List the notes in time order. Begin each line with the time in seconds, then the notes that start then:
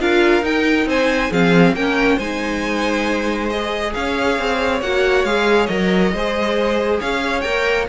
0.00 D4 F4 A#4 F5
0.42 D#4 G5
0.85 C4 C5 G#5
1.31 F3 C4 G#4 F5
1.73 A#3 C#4 A#4 G5
2.16 G#3 D#4 C5 G#5
3.49 G#4 D#5
3.93 C#4 C#5 F5
4.39 C4
4.81 A#3 F#4 F#5
5.24 G#3 G#4 F5
5.66 F#3 A#4 D#5
6.12 G#3 G#4 C5
7.00 C#4 C#5 F5
7.41 A#3 A#4 G5